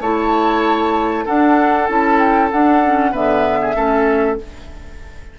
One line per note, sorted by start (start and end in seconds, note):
0.00 1.25 A3
0.00 1.26 E4
0.00 1.25 C#5
0.00 1.26 A5
1.25 1.88 D4
1.25 1.89 D4
1.25 3.12 A4
1.25 1.86 F#5
1.86 2.52 C#4
1.86 2.50 E4
1.86 2.18 A5
2.18 2.49 G5
2.51 2.82 D4
2.51 3.13 D4
2.51 3.14 F#5
2.85 3.12 C#4
3.12 3.76 D3
3.12 3.74 B3
3.12 3.58 B4
3.12 4.39 E5
3.62 3.75 G#4
3.74 4.38 A3
3.74 4.37 C#4
3.74 4.37 A4